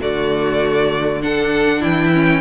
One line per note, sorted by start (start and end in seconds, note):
0.00 1.82 D3
0.00 1.21 A3
0.00 1.22 F#4
0.00 1.22 D5
1.22 2.12 D4
1.22 1.80 A4
1.22 1.82 F#5
1.80 2.41 E3
1.80 2.41 E4
1.80 2.41 G5
2.13 2.41 C#4